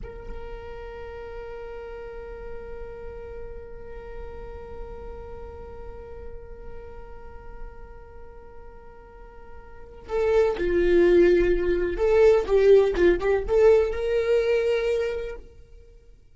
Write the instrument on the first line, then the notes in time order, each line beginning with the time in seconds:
viola
0.03 A#4
10.08 A4
10.57 F4
11.97 A4
12.46 G4
12.95 F4
13.19 G4
13.47 A4
13.92 A#4